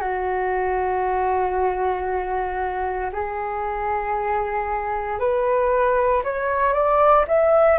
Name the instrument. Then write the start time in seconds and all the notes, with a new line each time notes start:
flute
0.00 F#4
3.12 G#4
5.19 B4
6.24 C#5
6.73 D5
7.28 E5